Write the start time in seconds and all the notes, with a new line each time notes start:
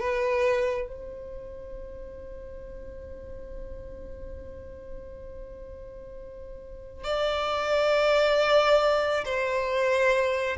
0.00 B4
0.88 C5
7.04 D5
9.25 C5